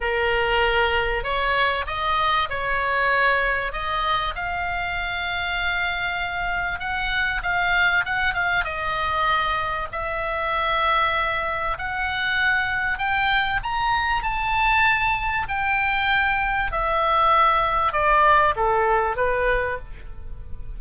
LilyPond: \new Staff \with { instrumentName = "oboe" } { \time 4/4 \tempo 4 = 97 ais'2 cis''4 dis''4 | cis''2 dis''4 f''4~ | f''2. fis''4 | f''4 fis''8 f''8 dis''2 |
e''2. fis''4~ | fis''4 g''4 ais''4 a''4~ | a''4 g''2 e''4~ | e''4 d''4 a'4 b'4 | }